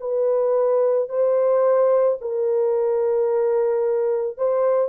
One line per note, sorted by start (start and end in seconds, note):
0.00 1.09 B4
1.09 2.18 C5
2.21 4.37 A#4
4.37 4.88 C5